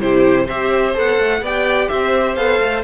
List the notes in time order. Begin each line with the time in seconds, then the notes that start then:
0.00 C3 E4 G4 C5
0.45 C4 G4 C5 E5
0.94 B3 A4 F#5
1.19 A3
1.42 B3 G4 D5 G5
1.89 C4 C5 E5
2.35 B3 A4 F5
2.61 A3